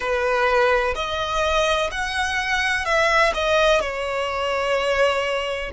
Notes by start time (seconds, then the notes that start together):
0.00 B4
0.95 D#5
1.91 F#5
2.85 E5
3.33 D#5
3.80 C#5